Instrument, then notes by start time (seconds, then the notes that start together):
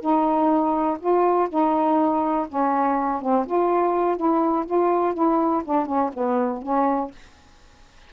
saxophone
0.00 D#4
0.99 F4
1.49 D#4
2.48 C#4
3.21 C4
3.46 F4
4.16 E4
4.65 F4
5.14 E4
5.64 D4
5.86 C#4
6.13 B3
6.62 C#4